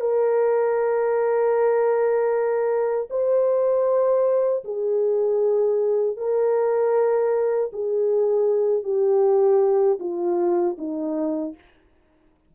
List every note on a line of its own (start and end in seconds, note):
0.00 3.08 A#4
3.10 4.64 C5
4.64 6.16 G#4
6.16 7.70 A#4
7.72 8.83 G#4
8.83 9.99 G4
9.99 10.76 F4
10.78 11.55 D#4